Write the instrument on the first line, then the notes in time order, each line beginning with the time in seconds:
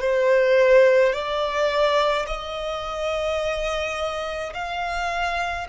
violin
0.00 C5
1.12 D5
2.26 D#5
4.53 F5